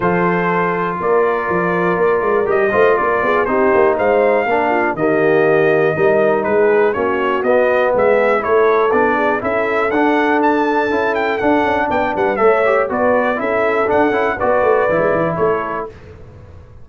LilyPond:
<<
  \new Staff \with { instrumentName = "trumpet" } { \time 4/4 \tempo 4 = 121 c''2 d''2~ | d''4 dis''4 d''4 c''4 | f''2 dis''2~ | dis''4 b'4 cis''4 dis''4 |
e''4 cis''4 d''4 e''4 | fis''4 a''4. g''8 fis''4 | g''8 fis''8 e''4 d''4 e''4 | fis''4 d''2 cis''4 | }
  \new Staff \with { instrumentName = "horn" } { \time 4/4 a'2 ais'2~ | ais'4. c''8 ais'8 gis'8 g'4 | c''4 ais'8 f'8 g'2 | ais'4 gis'4 fis'2 |
gis'4 a'4. gis'8 a'4~ | a'1 | d''8 b'8 cis''4 b'4 a'4~ | a'4 b'2 a'4 | }
  \new Staff \with { instrumentName = "trombone" } { \time 4/4 f'1~ | f'4 g'8 f'4. dis'4~ | dis'4 d'4 ais2 | dis'2 cis'4 b4~ |
b4 e'4 d'4 e'4 | d'2 e'4 d'4~ | d'4 a'8 g'8 fis'4 e'4 | d'8 e'8 fis'4 e'2 | }
  \new Staff \with { instrumentName = "tuba" } { \time 4/4 f2 ais4 f4 | ais8 gis8 g8 a8 ais8 b8 c'8 ais8 | gis4 ais4 dis2 | g4 gis4 ais4 b4 |
gis4 a4 b4 cis'4 | d'2 cis'4 d'8 cis'8 | b8 g8 a4 b4 cis'4 | d'8 cis'8 b8 a8 e16 gis16 e8 a4 | }
>>